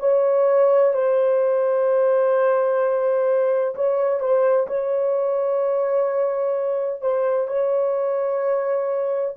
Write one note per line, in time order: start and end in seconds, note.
0.00 0.94 C#5
0.94 3.75 C5
3.75 4.20 C#5
4.20 4.67 C5
4.67 7.01 C#5
7.01 7.48 C5
7.48 9.35 C#5